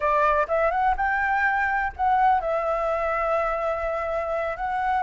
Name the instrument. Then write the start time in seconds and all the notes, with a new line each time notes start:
flute
0.00 D5
0.47 E5
0.70 F#5
0.96 G5
1.96 F#5
2.40 E5
4.56 F#5